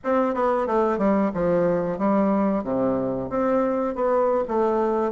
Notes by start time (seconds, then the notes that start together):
0.03 C4
0.34 B3
0.66 A3
0.98 G3
1.34 F3
1.98 G3
2.63 C3
3.29 C4
3.95 B3
4.48 A3